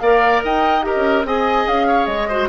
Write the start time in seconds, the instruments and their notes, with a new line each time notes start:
0.00 bassoon A#3, clarinet A#4, oboe D5, flute F5
0.44 bassoon D#4, oboe D#5, flute G5
0.83 clarinet G4, oboe A#4, flute D#5
0.96 bassoon C#4
1.25 bassoon C4, clarinet G#4, oboe D#5, flute G#5
1.68 bassoon C#4, flute F5
1.88 oboe C#5
2.07 bassoon G#3, flute D#5
2.29 clarinet F#4, oboe C5